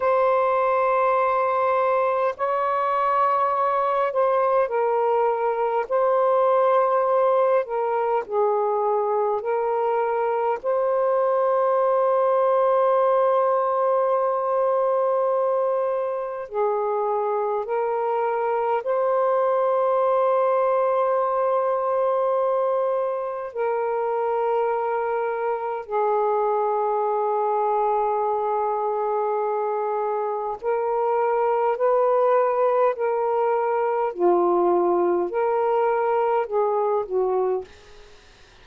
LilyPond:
\new Staff \with { instrumentName = "saxophone" } { \time 4/4 \tempo 4 = 51 c''2 cis''4. c''8 | ais'4 c''4. ais'8 gis'4 | ais'4 c''2.~ | c''2 gis'4 ais'4 |
c''1 | ais'2 gis'2~ | gis'2 ais'4 b'4 | ais'4 f'4 ais'4 gis'8 fis'8 | }